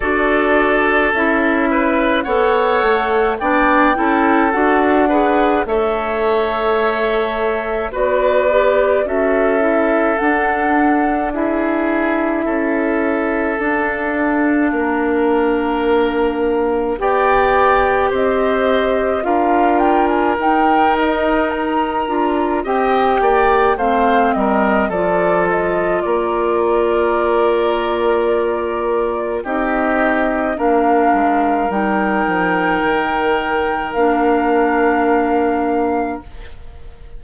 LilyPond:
<<
  \new Staff \with { instrumentName = "flute" } { \time 4/4 \tempo 4 = 53 d''4 e''4 fis''4 g''4 | fis''4 e''2 d''4 | e''4 fis''4 e''2 | f''2. g''4 |
dis''4 f''8 g''16 gis''16 g''8 dis''8 ais''4 | g''4 f''8 dis''8 d''8 dis''8 d''4~ | d''2 dis''4 f''4 | g''2 f''2 | }
  \new Staff \with { instrumentName = "oboe" } { \time 4/4 a'4. b'8 cis''4 d''8 a'8~ | a'8 b'8 cis''2 b'4 | a'2 gis'4 a'4~ | a'4 ais'2 d''4 |
c''4 ais'2. | dis''8 d''8 c''8 ais'8 a'4 ais'4~ | ais'2 g'4 ais'4~ | ais'1 | }
  \new Staff \with { instrumentName = "clarinet" } { \time 4/4 fis'4 e'4 a'4 d'8 e'8 | fis'8 gis'8 a'2 fis'8 g'8 | fis'8 e'8 d'4 e'2 | d'2. g'4~ |
g'4 f'4 dis'4. f'8 | g'4 c'4 f'2~ | f'2 dis'4 d'4 | dis'2 d'2 | }
  \new Staff \with { instrumentName = "bassoon" } { \time 4/4 d'4 cis'4 b8 a8 b8 cis'8 | d'4 a2 b4 | cis'4 d'2 cis'4 | d'4 ais2 b4 |
c'4 d'4 dis'4. d'8 | c'8 ais8 a8 g8 f4 ais4~ | ais2 c'4 ais8 gis8 | g8 f8 dis4 ais2 | }
>>